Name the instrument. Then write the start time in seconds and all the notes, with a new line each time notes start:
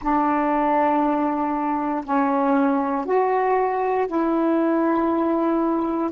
saxophone
0.01 D4
2.04 C#4
3.05 F#4
4.07 E4